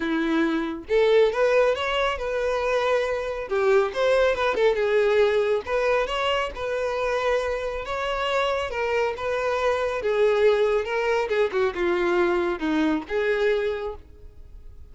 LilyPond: \new Staff \with { instrumentName = "violin" } { \time 4/4 \tempo 4 = 138 e'2 a'4 b'4 | cis''4 b'2. | g'4 c''4 b'8 a'8 gis'4~ | gis'4 b'4 cis''4 b'4~ |
b'2 cis''2 | ais'4 b'2 gis'4~ | gis'4 ais'4 gis'8 fis'8 f'4~ | f'4 dis'4 gis'2 | }